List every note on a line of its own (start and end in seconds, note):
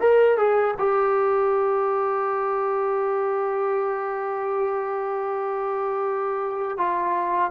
0.00 0.37 A#4
0.37 0.75 G#4
0.78 6.77 G4
6.77 7.51 F4